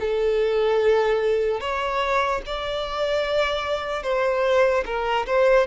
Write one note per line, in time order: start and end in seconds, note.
0.00 1.61 A4
1.61 2.42 C#5
2.46 4.03 D5
4.03 4.84 C5
4.86 5.26 A#4
5.27 5.67 C5